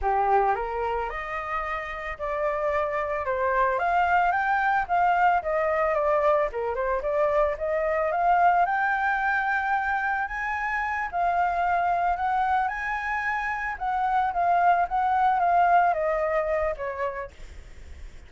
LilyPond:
\new Staff \with { instrumentName = "flute" } { \time 4/4 \tempo 4 = 111 g'4 ais'4 dis''2 | d''2 c''4 f''4 | g''4 f''4 dis''4 d''4 | ais'8 c''8 d''4 dis''4 f''4 |
g''2. gis''4~ | gis''8 f''2 fis''4 gis''8~ | gis''4. fis''4 f''4 fis''8~ | fis''8 f''4 dis''4. cis''4 | }